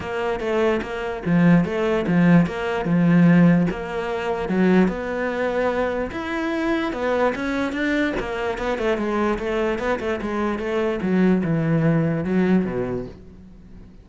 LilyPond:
\new Staff \with { instrumentName = "cello" } { \time 4/4 \tempo 4 = 147 ais4 a4 ais4 f4 | a4 f4 ais4 f4~ | f4 ais2 fis4 | b2. e'4~ |
e'4 b4 cis'4 d'4 | ais4 b8 a8 gis4 a4 | b8 a8 gis4 a4 fis4 | e2 fis4 b,4 | }